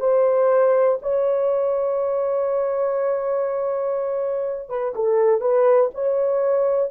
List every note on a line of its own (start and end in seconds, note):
0.00 0.98 C5
1.02 4.69 C#5
4.69 4.94 B4
4.95 5.41 A4
5.41 5.90 B4
5.94 6.91 C#5